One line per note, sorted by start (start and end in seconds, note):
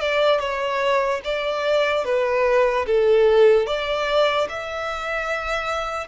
0.00 0.39 D5
0.39 1.21 C#5
1.24 2.04 D5
2.04 2.85 B4
2.86 3.66 A4
3.66 4.47 D5
4.49 6.07 E5